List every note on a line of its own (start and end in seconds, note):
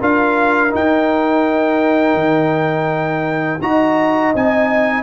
0.00 0.74 D4
0.00 0.70 F4
0.00 3.61 A#4
0.00 0.75 F5
0.70 3.59 D#4
0.70 2.15 D#4
0.70 3.62 G5
2.15 3.59 D#3
3.62 4.34 D#4
3.62 4.34 F#4
3.62 5.03 D#5
3.62 4.34 A#5
4.35 5.03 C4
4.35 5.03 D#4
4.35 5.03 G#5